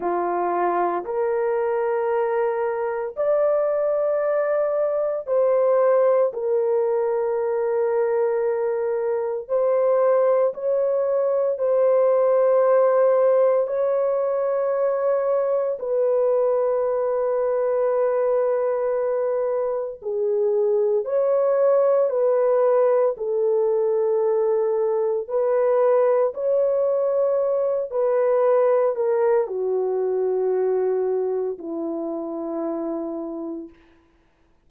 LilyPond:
\new Staff \with { instrumentName = "horn" } { \time 4/4 \tempo 4 = 57 f'4 ais'2 d''4~ | d''4 c''4 ais'2~ | ais'4 c''4 cis''4 c''4~ | c''4 cis''2 b'4~ |
b'2. gis'4 | cis''4 b'4 a'2 | b'4 cis''4. b'4 ais'8 | fis'2 e'2 | }